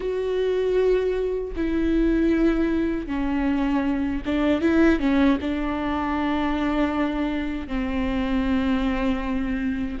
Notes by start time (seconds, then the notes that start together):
0.00 F#4
1.56 E4
3.06 C#4
4.25 D4
4.61 E4
4.99 C#4
5.41 D4
7.67 C4